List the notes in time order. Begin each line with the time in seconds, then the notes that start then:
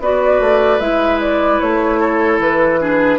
0.00 B3 F#4 B4 D5
0.40 A3
0.80 G#3 E4 E5
1.21 D5
1.60 A3 C#5
2.00 A4
2.39 E3 B4
2.80 D4 G#4